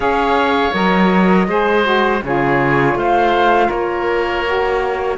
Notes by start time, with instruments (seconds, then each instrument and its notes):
0.00 cello C#4, saxophone G#4, oboe C#5, flute F5
0.73 cello F#3, saxophone A#4, flute D#5
1.47 cello G#3, saxophone G#4, oboe C5
1.83 saxophone F#4
2.23 cello C#3, saxophone F4, oboe G#4, flute C#5
2.94 cello A3, oboe C5, flute F5
3.68 cello A#3, oboe A#4, flute C#5
4.45 saxophone F#4